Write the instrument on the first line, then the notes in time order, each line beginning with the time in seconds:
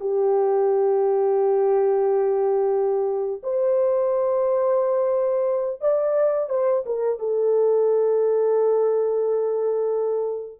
horn
0.00 G4
3.43 C5
5.81 D5
6.49 C5
6.86 A#4
7.18 A4